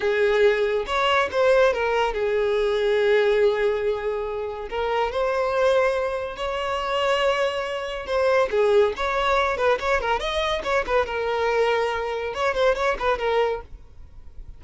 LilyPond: \new Staff \with { instrumentName = "violin" } { \time 4/4 \tempo 4 = 141 gis'2 cis''4 c''4 | ais'4 gis'2.~ | gis'2. ais'4 | c''2. cis''4~ |
cis''2. c''4 | gis'4 cis''4. b'8 cis''8 ais'8 | dis''4 cis''8 b'8 ais'2~ | ais'4 cis''8 c''8 cis''8 b'8 ais'4 | }